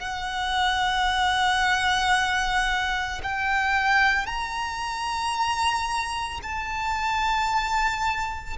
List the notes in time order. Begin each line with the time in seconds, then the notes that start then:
0.00 F#5
3.23 G5
4.26 A#5
6.43 A5